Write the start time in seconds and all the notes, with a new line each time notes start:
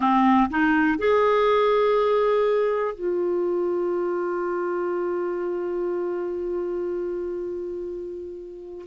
0.00 C4
0.50 D#4
0.98 G#4
2.95 F4